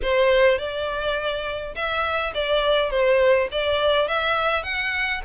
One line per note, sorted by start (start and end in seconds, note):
0.02 0.58 C5
0.58 1.74 D5
1.75 2.33 E5
2.34 2.90 D5
2.90 3.48 C5
3.51 4.08 D5
4.08 4.63 E5
4.63 5.21 F#5